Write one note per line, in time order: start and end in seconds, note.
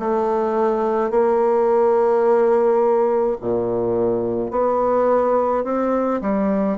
0.00 1.11 A3
1.11 3.38 A#3
3.41 4.51 A#2
4.51 5.64 B3
5.64 6.21 C4
6.22 6.78 G3